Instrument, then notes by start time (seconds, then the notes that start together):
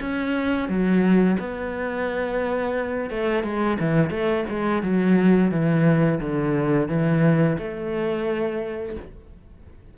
cello
0.00 C#4
0.69 F#3
1.39 B3
3.10 A3
3.43 G#3
3.80 E3
4.10 A3
4.50 G#3
4.83 F#3
5.51 E3
6.20 D3
6.88 E3
7.58 A3